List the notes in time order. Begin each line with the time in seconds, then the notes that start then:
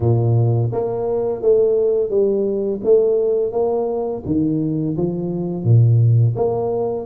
0.00 A#2
0.72 A#3
1.41 A3
2.10 G3
2.84 A3
3.52 A#3
4.25 D#3
4.96 F3
5.64 A#2
6.35 A#3